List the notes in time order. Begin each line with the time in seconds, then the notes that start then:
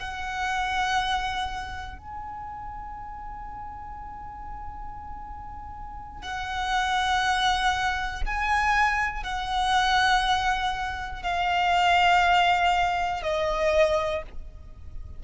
0.00 F#5
1.99 G#5
6.23 F#5
8.26 G#5
9.24 F#5
11.23 F5
13.23 D#5